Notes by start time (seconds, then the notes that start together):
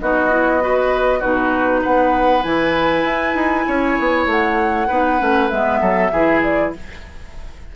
0.00 B3 D#4 F#4 D#5
0.30 E4
0.60 F#4 B4
1.19 B2 D#4 F#4 B4
1.82 B3 B4 F#5
2.43 E3 E4 G#5
3.04 E4
3.34 D#4
3.67 C#4 C#5
3.99 B3
4.26 A3 F#5
4.87 B3 D#4 B4
5.19 A3 C#4
5.49 G#3 B3 E5
5.81 F#3 A4
6.11 E3 E4 G#4
6.43 D5